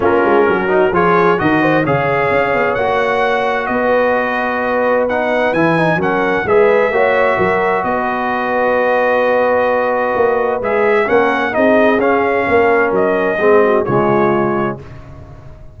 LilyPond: <<
  \new Staff \with { instrumentName = "trumpet" } { \time 4/4 \tempo 4 = 130 ais'2 cis''4 dis''4 | f''2 fis''2 | dis''2. fis''4 | gis''4 fis''4 e''2~ |
e''4 dis''2.~ | dis''2. e''4 | fis''4 dis''4 f''2 | dis''2 cis''2 | }
  \new Staff \with { instrumentName = "horn" } { \time 4/4 f'4 fis'4 gis'4 ais'8 c''8 | cis''1 | b'1~ | b'4 ais'4 b'4 cis''4 |
ais'4 b'2.~ | b'1 | ais'4 gis'2 ais'4~ | ais'4 gis'8 fis'8 f'2 | }
  \new Staff \with { instrumentName = "trombone" } { \time 4/4 cis'4. dis'8 f'4 fis'4 | gis'2 fis'2~ | fis'2. dis'4 | e'8 dis'8 cis'4 gis'4 fis'4~ |
fis'1~ | fis'2. gis'4 | cis'4 dis'4 cis'2~ | cis'4 c'4 gis2 | }
  \new Staff \with { instrumentName = "tuba" } { \time 4/4 ais8 gis8 fis4 f4 dis4 | cis4 cis'8 b8 ais2 | b1 | e4 fis4 gis4 ais4 |
fis4 b2.~ | b2 ais4 gis4 | ais4 c'4 cis'4 ais4 | fis4 gis4 cis2 | }
>>